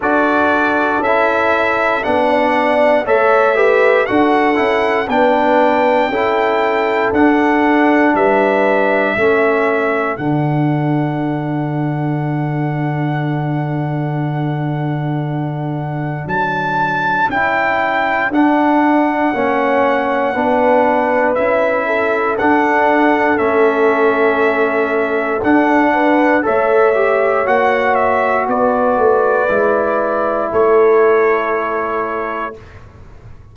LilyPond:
<<
  \new Staff \with { instrumentName = "trumpet" } { \time 4/4 \tempo 4 = 59 d''4 e''4 fis''4 e''4 | fis''4 g''2 fis''4 | e''2 fis''2~ | fis''1 |
a''4 g''4 fis''2~ | fis''4 e''4 fis''4 e''4~ | e''4 fis''4 e''4 fis''8 e''8 | d''2 cis''2 | }
  \new Staff \with { instrumentName = "horn" } { \time 4/4 a'2~ a'16 d''8. cis''8 b'8 | a'4 b'4 a'2 | b'4 a'2.~ | a'1~ |
a'2. cis''4 | b'4. a'2~ a'8~ | a'4. b'8 cis''2 | b'2 a'2 | }
  \new Staff \with { instrumentName = "trombone" } { \time 4/4 fis'4 e'4 d'4 a'8 g'8 | fis'8 e'8 d'4 e'4 d'4~ | d'4 cis'4 d'2~ | d'1~ |
d'4 e'4 d'4 cis'4 | d'4 e'4 d'4 cis'4~ | cis'4 d'4 a'8 g'8 fis'4~ | fis'4 e'2. | }
  \new Staff \with { instrumentName = "tuba" } { \time 4/4 d'4 cis'4 b4 a4 | d'8 cis'8 b4 cis'4 d'4 | g4 a4 d2~ | d1 |
fis4 cis'4 d'4 ais4 | b4 cis'4 d'4 a4~ | a4 d'4 a4 ais4 | b8 a8 gis4 a2 | }
>>